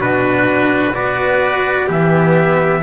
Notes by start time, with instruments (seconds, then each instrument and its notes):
0.00 double bass B2, cello D4, trumpet F#4 B4
0.94 double bass B3, cello F#4, trumpet B4 D5
1.87 double bass E3, cello B3, trumpet G4 E5